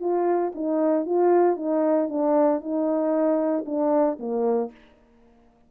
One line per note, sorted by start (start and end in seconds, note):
0.00 0.52 F4
0.55 1.06 D#4
1.06 1.57 F4
1.57 2.08 D#4
2.08 2.60 D4
2.60 3.65 D#4
3.65 4.18 D4
4.19 4.71 A#3